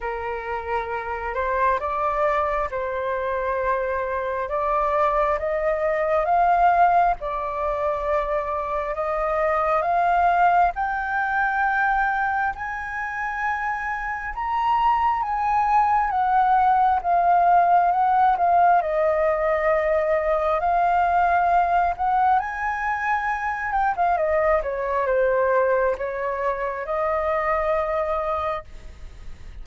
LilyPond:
\new Staff \with { instrumentName = "flute" } { \time 4/4 \tempo 4 = 67 ais'4. c''8 d''4 c''4~ | c''4 d''4 dis''4 f''4 | d''2 dis''4 f''4 | g''2 gis''2 |
ais''4 gis''4 fis''4 f''4 | fis''8 f''8 dis''2 f''4~ | f''8 fis''8 gis''4. g''16 f''16 dis''8 cis''8 | c''4 cis''4 dis''2 | }